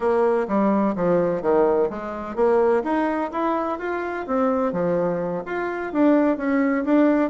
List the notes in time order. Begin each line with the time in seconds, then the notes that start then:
0.00 A#3
0.47 G3
0.95 F3
1.42 D#3
1.90 G#3
2.35 A#3
2.83 D#4
3.32 E4
3.79 F4
4.26 C4
4.72 F3
5.45 F4
5.92 D4
6.37 C#4
6.84 D4